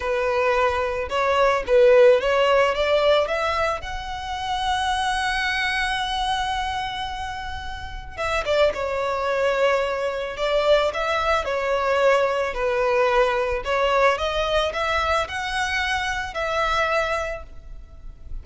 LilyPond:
\new Staff \with { instrumentName = "violin" } { \time 4/4 \tempo 4 = 110 b'2 cis''4 b'4 | cis''4 d''4 e''4 fis''4~ | fis''1~ | fis''2. e''8 d''8 |
cis''2. d''4 | e''4 cis''2 b'4~ | b'4 cis''4 dis''4 e''4 | fis''2 e''2 | }